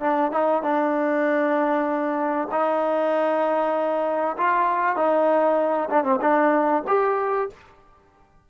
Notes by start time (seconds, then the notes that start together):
0.00 D4
0.31 D#4
0.62 D4
2.51 D#4
4.37 F4
4.96 D#4
5.90 D4
6.04 C4
6.21 D4
6.87 G4